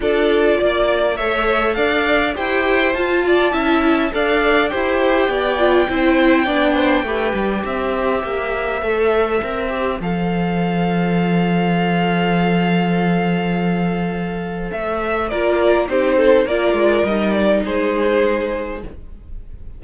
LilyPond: <<
  \new Staff \with { instrumentName = "violin" } { \time 4/4 \tempo 4 = 102 d''2 e''4 f''4 | g''4 a''2 f''4 | g''1~ | g''4 e''2.~ |
e''4 f''2.~ | f''1~ | f''4 e''4 d''4 c''4 | d''4 dis''8 d''8 c''2 | }
  \new Staff \with { instrumentName = "violin" } { \time 4/4 a'4 d''4 cis''4 d''4 | c''4. d''8 e''4 d''4 | c''4 d''4 c''4 d''8 c''8 | b'4 c''2.~ |
c''1~ | c''1~ | c''2 ais'4 g'8 a'8 | ais'2 gis'2 | }
  \new Staff \with { instrumentName = "viola" } { \time 4/4 f'2 a'2 | g'4 f'4 e'4 a'4 | g'4. f'8 e'4 d'4 | g'2. a'4 |
ais'8 g'8 a'2.~ | a'1~ | a'2 f'4 dis'4 | f'4 dis'2. | }
  \new Staff \with { instrumentName = "cello" } { \time 4/4 d'4 ais4 a4 d'4 | e'4 f'4 cis'4 d'4 | e'4 b4 c'4 b4 | a8 g8 c'4 ais4 a4 |
c'4 f2.~ | f1~ | f4 a4 ais4 c'4 | ais8 gis8 g4 gis2 | }
>>